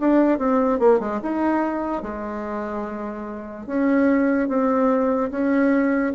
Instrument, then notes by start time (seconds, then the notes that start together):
bassoon
0.00 D4
0.38 C4
0.79 A#3
1.00 G#3
1.23 D#4
2.02 G#3
3.66 C#4
4.48 C4
5.31 C#4